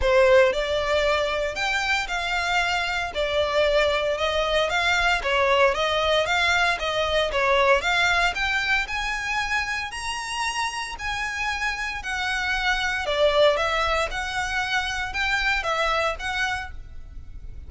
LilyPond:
\new Staff \with { instrumentName = "violin" } { \time 4/4 \tempo 4 = 115 c''4 d''2 g''4 | f''2 d''2 | dis''4 f''4 cis''4 dis''4 | f''4 dis''4 cis''4 f''4 |
g''4 gis''2 ais''4~ | ais''4 gis''2 fis''4~ | fis''4 d''4 e''4 fis''4~ | fis''4 g''4 e''4 fis''4 | }